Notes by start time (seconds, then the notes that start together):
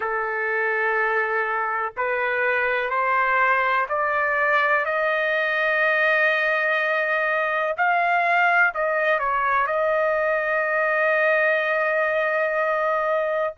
0.00 A4
1.97 B4
2.90 C5
3.88 D5
4.85 D#5
7.77 F5
8.74 D#5
9.19 C#5
9.66 D#5